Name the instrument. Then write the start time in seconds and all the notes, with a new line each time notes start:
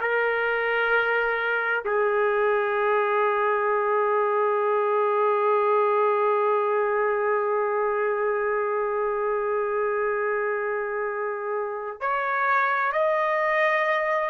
trumpet
0.00 A#4
1.85 G#4
12.00 C#5
12.92 D#5